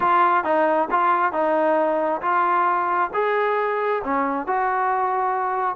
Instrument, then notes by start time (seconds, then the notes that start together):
trombone
0.00 F4
0.44 D#4
0.91 F4
1.32 D#4
2.21 F4
3.13 G#4
4.04 C#4
4.46 F#4